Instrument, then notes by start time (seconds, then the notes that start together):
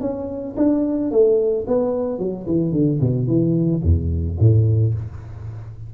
tuba
0.00 C#4
0.56 D4
1.11 A3
1.67 B3
2.18 F#3
2.46 E3
2.72 D3
3.00 B2
3.27 E3
3.82 E2
4.39 A2